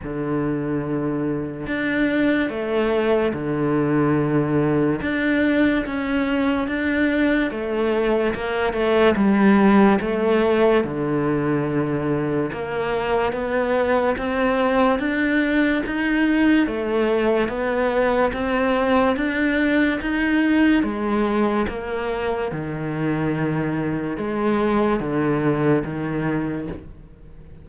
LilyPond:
\new Staff \with { instrumentName = "cello" } { \time 4/4 \tempo 4 = 72 d2 d'4 a4 | d2 d'4 cis'4 | d'4 a4 ais8 a8 g4 | a4 d2 ais4 |
b4 c'4 d'4 dis'4 | a4 b4 c'4 d'4 | dis'4 gis4 ais4 dis4~ | dis4 gis4 d4 dis4 | }